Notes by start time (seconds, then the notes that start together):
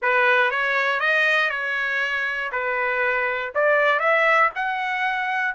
0.02 B4
0.50 C#5
0.99 D#5
1.49 C#5
2.52 B4
3.54 D5
3.99 E5
4.55 F#5